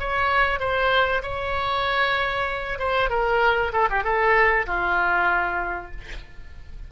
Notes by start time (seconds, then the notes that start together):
0.00 C#5
0.60 C5
1.23 C#5
2.80 C5
3.10 A#4
3.73 A4
3.91 G4
4.04 A4
4.67 F4